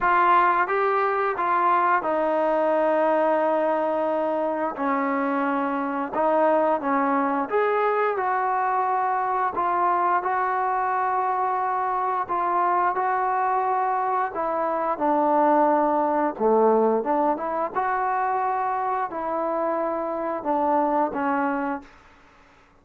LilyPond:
\new Staff \with { instrumentName = "trombone" } { \time 4/4 \tempo 4 = 88 f'4 g'4 f'4 dis'4~ | dis'2. cis'4~ | cis'4 dis'4 cis'4 gis'4 | fis'2 f'4 fis'4~ |
fis'2 f'4 fis'4~ | fis'4 e'4 d'2 | a4 d'8 e'8 fis'2 | e'2 d'4 cis'4 | }